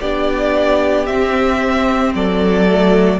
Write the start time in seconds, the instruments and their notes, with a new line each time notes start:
0.00 cello B3, viola D4, violin G4 D5
1.05 viola C4, cello C4, violin E5
2.15 cello F#3, violin A4 D5
2.68 viola A3